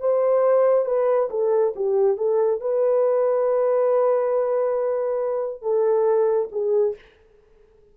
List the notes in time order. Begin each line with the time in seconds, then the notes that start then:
0.00 C5
0.86 B4
1.31 A4
1.76 G4
2.17 A4
2.61 B4
5.62 A4
6.52 G#4